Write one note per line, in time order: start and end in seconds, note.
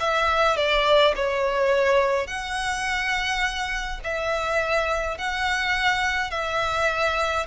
0.00 0.57 E5
0.57 1.14 D5
1.16 2.27 C#5
2.27 4.00 F#5
4.04 5.18 E5
5.18 6.31 F#5
6.31 7.46 E5